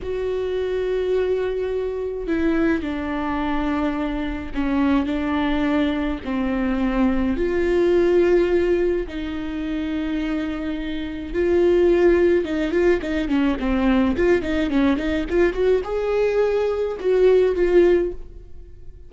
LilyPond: \new Staff \with { instrumentName = "viola" } { \time 4/4 \tempo 4 = 106 fis'1 | e'4 d'2. | cis'4 d'2 c'4~ | c'4 f'2. |
dis'1 | f'2 dis'8 f'8 dis'8 cis'8 | c'4 f'8 dis'8 cis'8 dis'8 f'8 fis'8 | gis'2 fis'4 f'4 | }